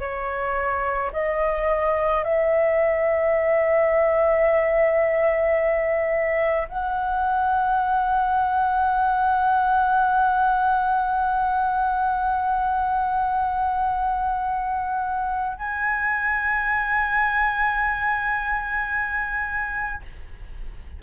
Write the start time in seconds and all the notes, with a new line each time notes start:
0.00 C#5
1.13 D#5
2.24 E5
6.69 F#5
15.58 G#5